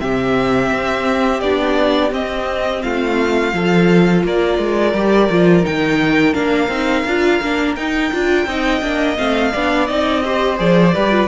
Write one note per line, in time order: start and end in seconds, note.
0.00 0.71 C3
0.00 1.41 C4
0.00 2.84 G4
0.00 1.40 E5
0.72 1.42 C4
1.40 2.12 B3
1.40 2.11 D4
1.40 2.11 D5
2.11 3.52 C4
2.11 2.82 C4
2.11 2.82 D#5
2.82 3.53 A3
2.82 3.55 F4
2.82 4.24 F5
3.53 4.24 F3
3.53 4.94 F4
3.53 4.26 A4
4.24 4.58 A#3
4.24 8.49 A#4
4.24 5.66 D5
4.58 4.94 G#3
4.94 5.29 G3
4.94 5.30 G4
5.30 5.65 F3
5.30 5.63 F4
5.63 6.35 D#3
5.63 6.33 D#4
5.63 6.34 G5
6.33 6.68 A#3
6.33 6.68 D4
6.33 7.75 F5
6.68 7.04 C4
6.68 7.07 D#4
7.05 7.41 D4
7.05 7.43 F4
7.42 7.77 A#3
7.42 7.78 D4
7.76 8.12 D#4
7.76 9.17 G5
8.12 8.46 D4
8.12 8.48 F4
8.46 8.82 C4
8.46 8.82 D#4
8.46 9.53 D#5
8.82 9.18 A#3
8.82 9.17 D4
9.17 9.55 A3
9.17 9.53 C4
9.17 9.87 F5
9.53 9.90 B3
9.53 9.89 D4
9.53 10.23 D5
9.87 10.60 C4
9.87 10.24 D#4
9.87 10.58 D#5
10.25 10.58 G4
10.25 10.95 C5
10.58 10.95 F3
10.58 10.93 G#4
10.58 11.28 D5
10.95 11.28 G3
10.95 11.11 G4
10.95 11.28 B4
11.11 11.28 F4